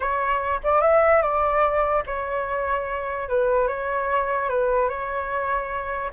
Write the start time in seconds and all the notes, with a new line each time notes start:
0.00 C#5
0.63 D5
0.81 E5
1.22 D5
2.06 C#5
3.28 B4
3.67 C#5
4.49 B4
4.88 C#5